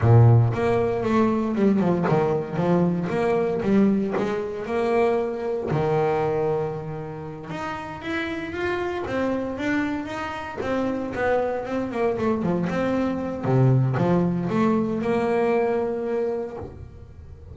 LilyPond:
\new Staff \with { instrumentName = "double bass" } { \time 4/4 \tempo 4 = 116 ais,4 ais4 a4 g8 f8 | dis4 f4 ais4 g4 | gis4 ais2 dis4~ | dis2~ dis8 dis'4 e'8~ |
e'8 f'4 c'4 d'4 dis'8~ | dis'8 c'4 b4 c'8 ais8 a8 | f8 c'4. c4 f4 | a4 ais2. | }